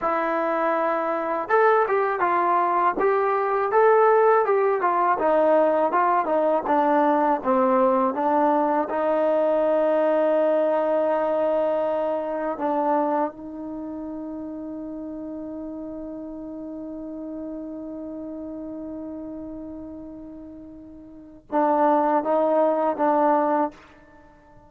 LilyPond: \new Staff \with { instrumentName = "trombone" } { \time 4/4 \tempo 4 = 81 e'2 a'8 g'8 f'4 | g'4 a'4 g'8 f'8 dis'4 | f'8 dis'8 d'4 c'4 d'4 | dis'1~ |
dis'4 d'4 dis'2~ | dis'1~ | dis'1~ | dis'4 d'4 dis'4 d'4 | }